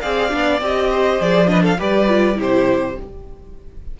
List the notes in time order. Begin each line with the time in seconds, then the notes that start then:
0.00 C4 G#4 D5 F5
0.30 B3 D4
0.60 C4 G4 D#5
0.91 C5
1.19 F3 G#4 D5
1.46 D4 B4 D#5
1.62 A4 F5
1.78 G3 G4 B4 D5
2.08 F4
2.35 C3 E4 G4
2.41 C5